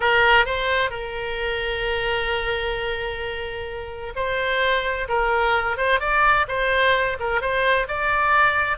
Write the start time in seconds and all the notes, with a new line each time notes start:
0.00 A#4
0.45 C5
0.90 A#4
4.15 C5
5.08 A#4
5.77 C5
6.00 D5
6.48 C5
7.19 A#4
7.41 C5
7.88 D5